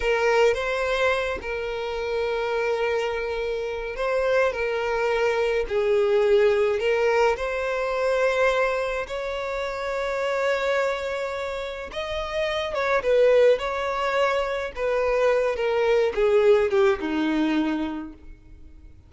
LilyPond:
\new Staff \with { instrumentName = "violin" } { \time 4/4 \tempo 4 = 106 ais'4 c''4. ais'4.~ | ais'2. c''4 | ais'2 gis'2 | ais'4 c''2. |
cis''1~ | cis''4 dis''4. cis''8 b'4 | cis''2 b'4. ais'8~ | ais'8 gis'4 g'8 dis'2 | }